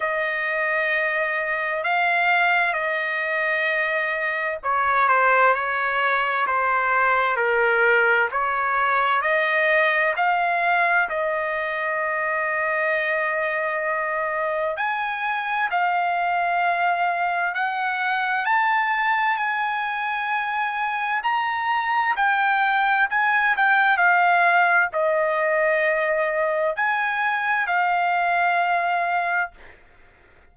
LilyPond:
\new Staff \with { instrumentName = "trumpet" } { \time 4/4 \tempo 4 = 65 dis''2 f''4 dis''4~ | dis''4 cis''8 c''8 cis''4 c''4 | ais'4 cis''4 dis''4 f''4 | dis''1 |
gis''4 f''2 fis''4 | a''4 gis''2 ais''4 | g''4 gis''8 g''8 f''4 dis''4~ | dis''4 gis''4 f''2 | }